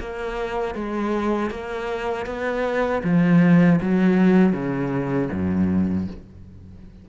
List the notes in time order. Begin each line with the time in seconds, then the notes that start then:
0.00 A#3
0.75 G#3
1.51 A#3
2.26 B3
3.03 F3
3.81 F#3
4.53 C#3
5.32 F#2